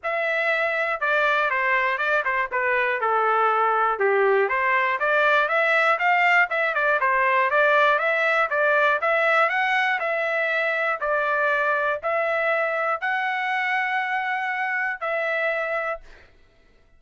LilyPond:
\new Staff \with { instrumentName = "trumpet" } { \time 4/4 \tempo 4 = 120 e''2 d''4 c''4 | d''8 c''8 b'4 a'2 | g'4 c''4 d''4 e''4 | f''4 e''8 d''8 c''4 d''4 |
e''4 d''4 e''4 fis''4 | e''2 d''2 | e''2 fis''2~ | fis''2 e''2 | }